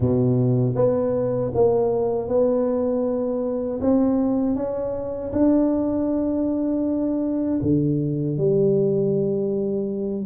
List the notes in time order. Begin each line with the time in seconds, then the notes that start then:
0.00 B2
0.75 B3
1.54 A#3
2.28 B3
3.80 C4
4.55 C#4
5.32 D4
7.62 D3
8.38 G3